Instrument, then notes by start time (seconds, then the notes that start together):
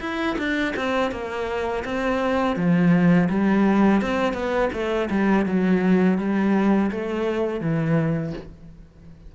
cello
0.00 E4
0.38 D4
0.76 C4
1.11 A#3
1.84 C4
2.56 F3
3.29 G3
4.01 C4
4.33 B3
4.73 A3
5.10 G3
5.45 F#3
6.18 G3
6.90 A3
7.60 E3